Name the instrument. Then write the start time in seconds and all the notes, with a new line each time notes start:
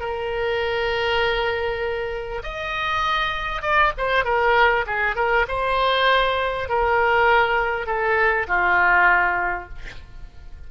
oboe
0.00 A#4
2.44 D#5
3.62 D5
3.98 C5
4.25 A#4
4.87 G#4
5.16 A#4
5.48 C5
6.69 A#4
7.87 A4
8.48 F4